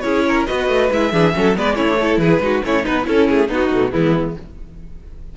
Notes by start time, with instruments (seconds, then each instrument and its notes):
0.00 cello C#4, viola E4, violin G#4 C#5
0.28 violin A#4
0.46 cello B3, viola F#4, violin B4 D#5
0.68 cello A3
0.91 cello G#3, viola E4, violin E5
1.12 cello E3, viola D4, violin G#4
1.33 cello F#3, viola C#4, violin A4
1.55 cello G#3, viola B3, violin B4 D5
1.75 cello A3, viola C#4, violin E4 C#5
1.88 viola D4
1.99 viola E4, violin A4
2.18 cello E3, violin G#4 B4
2.40 cello G#3, viola D#4, violin F#4
2.63 cello A3, viola C#4, violin E4 C#5
2.83 cello B3, violin D#4 B4, viola D#4
3.03 cello C#4, violin C#4 A4, viola E4
3.29 cello A3, violin G#4
3.48 cello B3, viola B3, violin D#4 F#4
3.71 cello B2, viola A3
3.91 cello E3, viola G#3, violin B3 E4